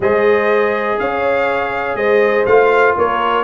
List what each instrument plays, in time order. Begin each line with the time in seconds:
0.00 tuba G#3, trombone G#4, horn C5, trumpet D#5
0.99 tuba C#4, horn C#5, trumpet F5
1.94 tuba G#3, horn C5, trumpet D#5
2.46 tuba A3, trombone F4, trumpet F5
2.96 tuba A#3, horn A#4, trumpet C#5